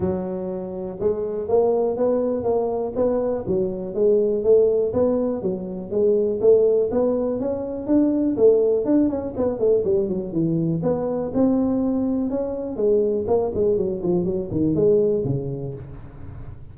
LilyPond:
\new Staff \with { instrumentName = "tuba" } { \time 4/4 \tempo 4 = 122 fis2 gis4 ais4 | b4 ais4 b4 fis4 | gis4 a4 b4 fis4 | gis4 a4 b4 cis'4 |
d'4 a4 d'8 cis'8 b8 a8 | g8 fis8 e4 b4 c'4~ | c'4 cis'4 gis4 ais8 gis8 | fis8 f8 fis8 dis8 gis4 cis4 | }